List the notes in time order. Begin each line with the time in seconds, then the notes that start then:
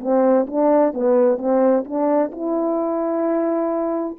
0.00 C4
0.47 D4
0.93 B3
1.38 C4
1.85 D4
2.32 E4